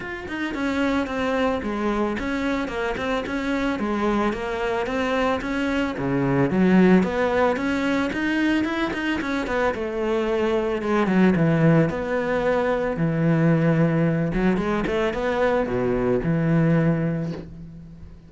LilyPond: \new Staff \with { instrumentName = "cello" } { \time 4/4 \tempo 4 = 111 f'8 dis'8 cis'4 c'4 gis4 | cis'4 ais8 c'8 cis'4 gis4 | ais4 c'4 cis'4 cis4 | fis4 b4 cis'4 dis'4 |
e'8 dis'8 cis'8 b8 a2 | gis8 fis8 e4 b2 | e2~ e8 fis8 gis8 a8 | b4 b,4 e2 | }